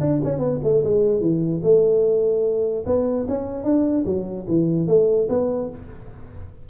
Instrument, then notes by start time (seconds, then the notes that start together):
tuba
0.00 D4
0.24 C#4
0.38 B3
0.63 A3
0.83 G#3
1.20 E3
1.63 A3
2.86 B3
3.28 C#4
3.64 D4
4.05 F#3
4.47 E3
4.87 A3
5.29 B3